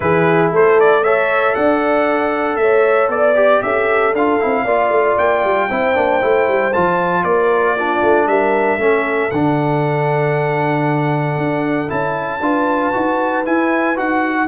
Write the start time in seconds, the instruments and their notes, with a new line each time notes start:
0.00 tuba E3, trombone E4, horn G#4, trumpet B4
0.51 tuba A3, horn A4, trumpet C5
0.80 trumpet D5
1.03 trombone A4, horn C#5, trumpet E5
1.54 tuba D4, horn D5, trumpet F#5
2.56 tuba A3, horn C#5, trumpet E5
3.08 tuba B3, trumpet D5, horn D5
3.34 trombone G4
3.62 tuba C#4, horn A4, trumpet E5
4.12 tuba D4, trombone F4, trumpet F5
4.40 tuba C4, trombone E4
4.63 tuba A#3, trombone F4, horn D5
4.89 tuba A3
5.18 tuba A#3, trumpet G5
5.44 tuba G3
5.69 tuba C4, trombone E4, horn C5
5.95 tuba A#3, trombone D4
6.20 tuba A3, trombone E4
6.47 tuba G3
6.73 tuba F3, trombone F4, trumpet A5
7.23 tuba A#3, horn A#4, trumpet D5
7.75 trombone D4, horn F4
8.02 tuba A3
8.27 tuba G3, horn A#4, trumpet E5
8.77 tuba A3, trombone C#4, horn A4
9.30 tuba D3, trombone D4, trumpet F#5
11.37 tuba D4
11.88 tuba C#4, trombone E4, trumpet A5
12.40 tuba D4, trombone F4, horn B4
12.92 tuba D#4, trombone F#4
13.45 trombone E4, tuba E4, trumpet G#5
13.96 tuba D#4, trombone F#4, trumpet F#5